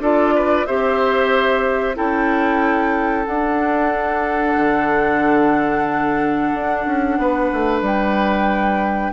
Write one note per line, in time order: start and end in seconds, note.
0.00 0.65 D4
0.00 0.68 F4
0.00 0.35 A4
0.00 0.66 D5
0.36 0.67 B4
0.66 1.98 C4
0.66 1.95 G4
0.66 1.97 C5
0.66 1.97 E5
1.95 3.27 C#4
1.95 3.26 E4
1.95 7.19 A4
1.95 3.26 G5
3.26 4.56 D4
3.26 9.13 D4
3.26 7.82 F#5
4.56 6.52 D3
6.54 6.87 D4
6.87 7.18 C#4
7.18 7.51 B3
7.18 9.13 B4
7.53 7.82 A3
7.82 9.12 G3
7.82 9.13 G5